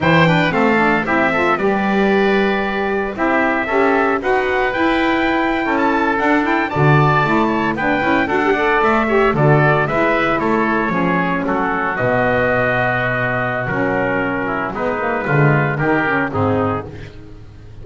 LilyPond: <<
  \new Staff \with { instrumentName = "trumpet" } { \time 4/4 \tempo 4 = 114 g''4 f''4 e''4 d''4~ | d''2 e''2 | fis''4 g''2 a''8. fis''16~ | fis''16 g''8 a''2 g''4 fis''16~ |
fis''8. e''4 d''4 e''4 cis''16~ | cis''4.~ cis''16 a'4 dis''4~ dis''16~ | dis''2 ais'2 | b'2 ais'4 gis'4 | }
  \new Staff \with { instrumentName = "oboe" } { \time 4/4 c''8 b'8 a'4 g'8 a'8 b'4~ | b'2 g'4 a'4 | b'2~ b'8. a'4~ a'16~ | a'8. d''4. cis''8 b'4 a'16~ |
a'16 d''4 cis''8 a'4 b'4 a'16~ | a'8. gis'4 fis'2~ fis'16~ | fis'2.~ fis'8 e'8 | dis'4 f'4 g'4 dis'4 | }
  \new Staff \with { instrumentName = "saxophone" } { \time 4/4 e'8 d'8 c'8 d'8 e'8 f'8 g'4~ | g'2 e'4 g'4 | fis'4 e'2~ e'8. d'16~ | d'16 e'8 fis'4 e'4 d'8 e'8 fis'16 |
g'16 a'4 g'8 fis'4 e'4~ e'16~ | e'8. cis'2 b4~ b16~ | b2 cis'2 | b8 ais8 gis4 dis'8 cis'8 c'4 | }
  \new Staff \with { instrumentName = "double bass" } { \time 4/4 e4 a4 c'4 g4~ | g2 c'4 cis'4 | dis'4 e'4.~ e'16 cis'4 d'16~ | d'8. d4 a4 b8 cis'8 d'16~ |
d'8. a4 d4 gis4 a16~ | a8. f4 fis4 b,4~ b,16~ | b,2 fis2 | gis4 d4 dis4 gis,4 | }
>>